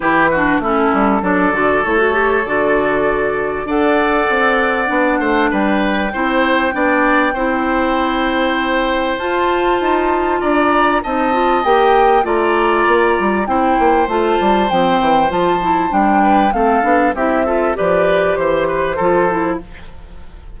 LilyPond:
<<
  \new Staff \with { instrumentName = "flute" } { \time 4/4 \tempo 4 = 98 b'4 a'4 d''4 cis''4 | d''2 fis''2~ | fis''4 g''2.~ | g''2. a''4~ |
a''4 ais''4 a''4 g''4 | ais''2 g''4 a''4 | g''4 a''4 g''4 f''4 | e''4 d''4 c''2 | }
  \new Staff \with { instrumentName = "oboe" } { \time 4/4 g'8 fis'8 e'4 a'2~ | a'2 d''2~ | d''8 c''8 b'4 c''4 d''4 | c''1~ |
c''4 d''4 dis''2 | d''2 c''2~ | c''2~ c''8 b'8 a'4 | g'8 a'8 b'4 c''8 b'8 a'4 | }
  \new Staff \with { instrumentName = "clarinet" } { \time 4/4 e'8 d'8 cis'4 d'8 fis'8 e'16 fis'16 g'8 | fis'2 a'2 | d'2 e'4 d'4 | e'2. f'4~ |
f'2 dis'8 f'8 g'4 | f'2 e'4 f'4 | c'4 f'8 e'8 d'4 c'8 d'8 | e'8 f'8 g'2 f'8 e'8 | }
  \new Staff \with { instrumentName = "bassoon" } { \time 4/4 e4 a8 g8 fis8 d8 a4 | d2 d'4 c'4 | b8 a8 g4 c'4 b4 | c'2. f'4 |
dis'4 d'4 c'4 ais4 | a4 ais8 g8 c'8 ais8 a8 g8 | f8 e8 f4 g4 a8 b8 | c'4 f4 e4 f4 | }
>>